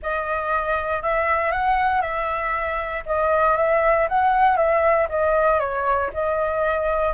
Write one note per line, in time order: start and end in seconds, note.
0.02 1.02 D#5
1.02 1.51 E5
1.51 2.01 F#5
2.01 3.03 E5
3.06 3.57 D#5
3.57 4.07 E5
4.08 4.56 F#5
4.56 5.07 E5
5.09 5.59 D#5
5.59 6.10 C#5
6.13 7.13 D#5